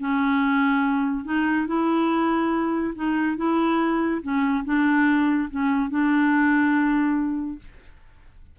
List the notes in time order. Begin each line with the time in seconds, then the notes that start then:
0.00 C#4
1.25 D#4
1.67 E4
2.95 D#4
3.37 E4
4.23 C#4
4.65 D4
5.50 C#4
5.90 D4